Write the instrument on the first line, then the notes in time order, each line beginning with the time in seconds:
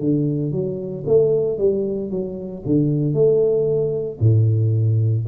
tuba
0.00 D3
0.52 F#3
1.07 A3
1.58 G3
2.11 F#3
2.66 D3
3.14 A3
4.21 A2